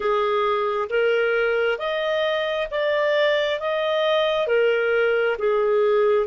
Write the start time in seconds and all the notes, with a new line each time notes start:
0.00 G#4
0.89 A#4
1.78 D#5
2.71 D5
3.60 D#5
4.47 A#4
5.38 G#4